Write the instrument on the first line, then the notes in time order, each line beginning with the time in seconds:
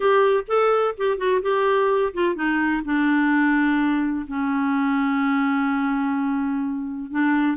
clarinet
0.00 G4
0.47 A4
0.97 G4
1.17 F#4
1.42 G4
2.13 F4
2.35 D#4
2.84 D4
4.27 C#4
7.10 D4